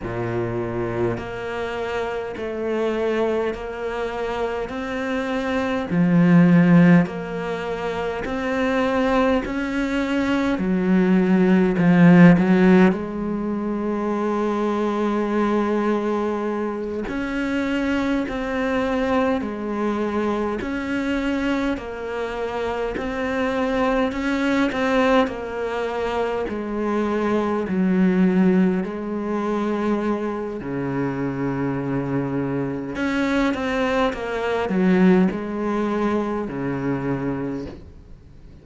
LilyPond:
\new Staff \with { instrumentName = "cello" } { \time 4/4 \tempo 4 = 51 ais,4 ais4 a4 ais4 | c'4 f4 ais4 c'4 | cis'4 fis4 f8 fis8 gis4~ | gis2~ gis8 cis'4 c'8~ |
c'8 gis4 cis'4 ais4 c'8~ | c'8 cis'8 c'8 ais4 gis4 fis8~ | fis8 gis4. cis2 | cis'8 c'8 ais8 fis8 gis4 cis4 | }